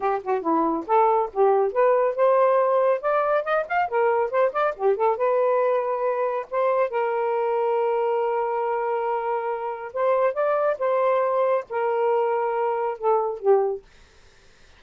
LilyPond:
\new Staff \with { instrumentName = "saxophone" } { \time 4/4 \tempo 4 = 139 g'8 fis'8 e'4 a'4 g'4 | b'4 c''2 d''4 | dis''8 f''8 ais'4 c''8 d''8 g'8 a'8 | b'2. c''4 |
ais'1~ | ais'2. c''4 | d''4 c''2 ais'4~ | ais'2 a'4 g'4 | }